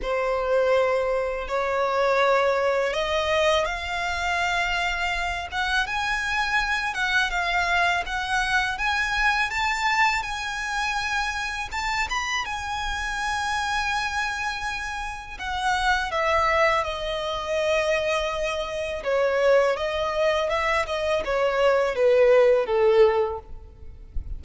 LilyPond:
\new Staff \with { instrumentName = "violin" } { \time 4/4 \tempo 4 = 82 c''2 cis''2 | dis''4 f''2~ f''8 fis''8 | gis''4. fis''8 f''4 fis''4 | gis''4 a''4 gis''2 |
a''8 b''8 gis''2.~ | gis''4 fis''4 e''4 dis''4~ | dis''2 cis''4 dis''4 | e''8 dis''8 cis''4 b'4 a'4 | }